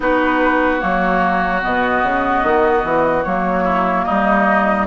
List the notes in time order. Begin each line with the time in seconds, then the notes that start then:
0.00 B3 D#4 F#4 B4
0.80 F#3 A#3 C#5
1.61 B2 B3 D#5
2.03 C#3
2.43 D#3
2.84 E3
3.23 F#3 A#3 C#5
3.64 E4
4.05 G3 D#4 D#5